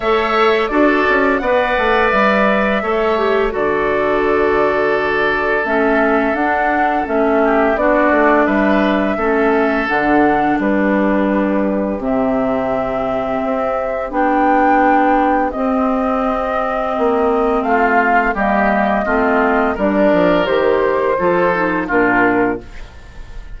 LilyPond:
<<
  \new Staff \with { instrumentName = "flute" } { \time 4/4 \tempo 4 = 85 e''4 d''4 fis''4 e''4~ | e''4 d''2. | e''4 fis''4 e''4 d''4 | e''2 fis''4 b'4~ |
b'4 e''2. | g''2 dis''2~ | dis''4 f''4 dis''2 | d''4 c''2 ais'4 | }
  \new Staff \with { instrumentName = "oboe" } { \time 4/4 cis''4 a'4 d''2 | cis''4 a'2.~ | a'2~ a'8 g'8 fis'4 | b'4 a'2 g'4~ |
g'1~ | g'1~ | g'4 f'4 g'4 f'4 | ais'2 a'4 f'4 | }
  \new Staff \with { instrumentName = "clarinet" } { \time 4/4 a'4 fis'4 b'2 | a'8 g'8 fis'2. | cis'4 d'4 cis'4 d'4~ | d'4 cis'4 d'2~ |
d'4 c'2. | d'2 c'2~ | c'2 ais4 c'4 | d'4 g'4 f'8 dis'8 d'4 | }
  \new Staff \with { instrumentName = "bassoon" } { \time 4/4 a4 d'8 cis'8 b8 a8 g4 | a4 d2. | a4 d'4 a4 b8 a8 | g4 a4 d4 g4~ |
g4 c2 c'4 | b2 c'2 | ais4 a4 g4 a4 | g8 f8 dis4 f4 ais,4 | }
>>